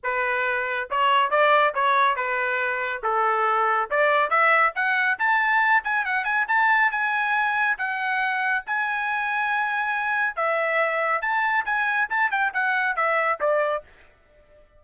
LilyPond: \new Staff \with { instrumentName = "trumpet" } { \time 4/4 \tempo 4 = 139 b'2 cis''4 d''4 | cis''4 b'2 a'4~ | a'4 d''4 e''4 fis''4 | a''4. gis''8 fis''8 gis''8 a''4 |
gis''2 fis''2 | gis''1 | e''2 a''4 gis''4 | a''8 g''8 fis''4 e''4 d''4 | }